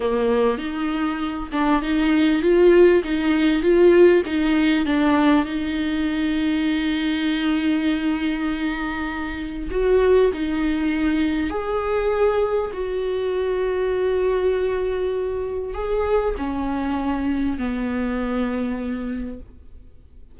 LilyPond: \new Staff \with { instrumentName = "viola" } { \time 4/4 \tempo 4 = 99 ais4 dis'4. d'8 dis'4 | f'4 dis'4 f'4 dis'4 | d'4 dis'2.~ | dis'1 |
fis'4 dis'2 gis'4~ | gis'4 fis'2.~ | fis'2 gis'4 cis'4~ | cis'4 b2. | }